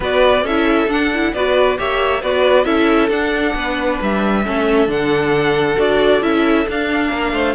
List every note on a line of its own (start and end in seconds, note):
0.00 0.42 B3
0.00 0.45 F#4
0.00 0.43 B4
0.00 0.46 D5
0.42 0.87 C#4
0.42 0.89 E4
0.42 1.32 A4
0.42 0.90 E5
0.87 1.32 D4
0.87 1.11 D4
0.87 1.33 F#5
1.14 1.35 E4
1.33 1.77 B3
1.33 1.77 F#4
1.33 1.78 B4
1.33 1.78 D5
1.77 2.22 A#3
1.77 2.21 G4
1.77 2.21 C#5
1.77 2.22 E5
2.21 2.65 B3
2.21 2.64 F#4
2.21 2.65 B4
2.21 2.64 D5
2.64 3.09 C#4
2.64 3.09 E4
2.64 3.54 A4
2.64 3.09 E5
3.09 3.54 D4
3.09 4.44 D4
3.09 3.98 F#5
3.55 3.99 B3
3.55 4.44 B4
4.01 4.46 G3
4.01 4.90 E5
4.44 4.87 A3
4.44 4.86 C#4
4.44 7.08 A4
4.86 5.76 D3
4.86 5.75 D4
4.86 5.79 F#5
5.77 6.21 D4
5.77 6.21 F#4
5.77 6.22 D5
6.21 6.66 C#4
6.21 6.66 E4
6.21 6.67 E5
6.66 7.55 D4
6.66 7.11 D4
6.66 7.55 F5
7.08 7.32 A#3
7.08 7.30 A#4
7.32 7.54 A3
7.32 7.55 C5